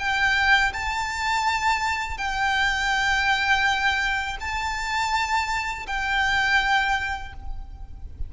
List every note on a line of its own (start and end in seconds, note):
0.00 0.73 G5
0.74 2.18 A5
2.18 4.38 G5
4.41 5.87 A5
5.87 7.34 G5